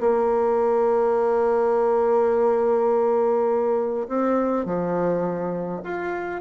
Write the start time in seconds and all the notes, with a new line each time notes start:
0.00 A#3
4.08 C4
4.65 F3
5.83 F4